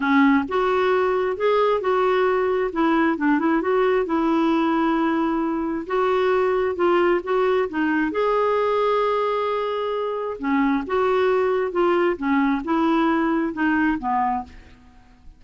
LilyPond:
\new Staff \with { instrumentName = "clarinet" } { \time 4/4 \tempo 4 = 133 cis'4 fis'2 gis'4 | fis'2 e'4 d'8 e'8 | fis'4 e'2.~ | e'4 fis'2 f'4 |
fis'4 dis'4 gis'2~ | gis'2. cis'4 | fis'2 f'4 cis'4 | e'2 dis'4 b4 | }